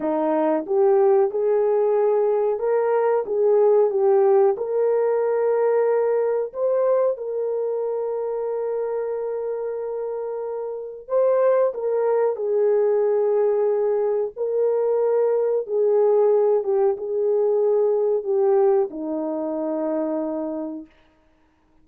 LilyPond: \new Staff \with { instrumentName = "horn" } { \time 4/4 \tempo 4 = 92 dis'4 g'4 gis'2 | ais'4 gis'4 g'4 ais'4~ | ais'2 c''4 ais'4~ | ais'1~ |
ais'4 c''4 ais'4 gis'4~ | gis'2 ais'2 | gis'4. g'8 gis'2 | g'4 dis'2. | }